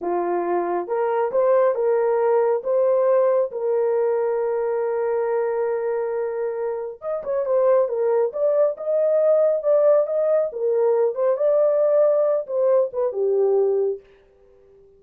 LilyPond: \new Staff \with { instrumentName = "horn" } { \time 4/4 \tempo 4 = 137 f'2 ais'4 c''4 | ais'2 c''2 | ais'1~ | ais'1 |
dis''8 cis''8 c''4 ais'4 d''4 | dis''2 d''4 dis''4 | ais'4. c''8 d''2~ | d''8 c''4 b'8 g'2 | }